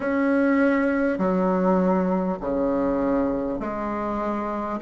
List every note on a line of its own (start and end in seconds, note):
0.00 1.18 C#4
1.18 2.38 F#3
2.40 3.59 C#3
3.59 4.79 G#3